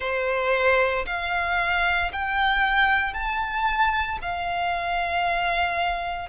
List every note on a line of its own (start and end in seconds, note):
0.00 1.05 C5
1.06 2.11 F5
2.12 3.13 G5
3.13 4.18 A5
4.21 6.29 F5